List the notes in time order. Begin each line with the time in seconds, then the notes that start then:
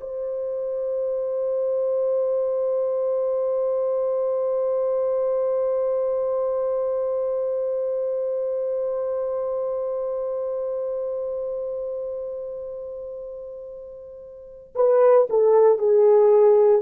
0.00 C5
14.75 B4
15.29 A4
15.78 G#4